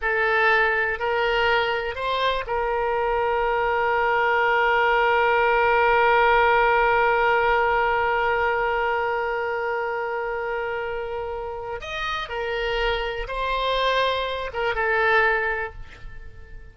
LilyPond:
\new Staff \with { instrumentName = "oboe" } { \time 4/4 \tempo 4 = 122 a'2 ais'2 | c''4 ais'2.~ | ais'1~ | ais'1~ |
ais'1~ | ais'1 | dis''4 ais'2 c''4~ | c''4. ais'8 a'2 | }